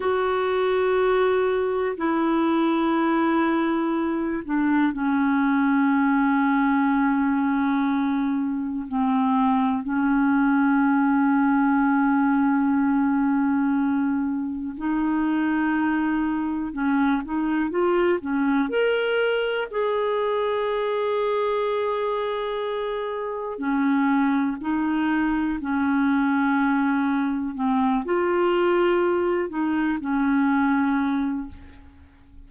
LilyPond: \new Staff \with { instrumentName = "clarinet" } { \time 4/4 \tempo 4 = 61 fis'2 e'2~ | e'8 d'8 cis'2.~ | cis'4 c'4 cis'2~ | cis'2. dis'4~ |
dis'4 cis'8 dis'8 f'8 cis'8 ais'4 | gis'1 | cis'4 dis'4 cis'2 | c'8 f'4. dis'8 cis'4. | }